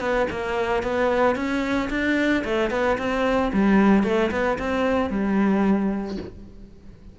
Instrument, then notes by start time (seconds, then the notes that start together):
cello
0.00 B3
0.30 A#3
0.83 B3
1.35 C#4
1.90 D4
2.44 A3
2.70 B3
2.98 C4
3.52 G3
4.03 A3
4.31 B3
4.58 C4
5.10 G3